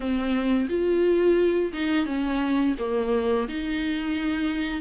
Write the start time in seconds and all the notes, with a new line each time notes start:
0.00 C4
0.69 F4
1.73 D#4
2.06 C#4
2.78 A#3
3.48 D#4